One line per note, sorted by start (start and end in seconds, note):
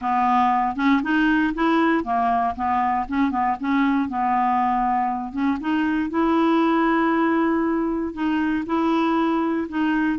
0.01 0.76 B3
0.76 1.01 C#4
1.02 1.53 D#4
1.54 2.03 E4
2.03 2.54 A#3
2.55 3.06 B3
3.08 3.31 C#4
3.31 3.56 B3
3.60 4.08 C#4
4.08 5.32 B3
5.32 5.57 C#4
5.60 6.10 D#4
6.10 8.13 E4
8.13 8.64 D#4
8.66 9.67 E4
9.68 10.18 D#4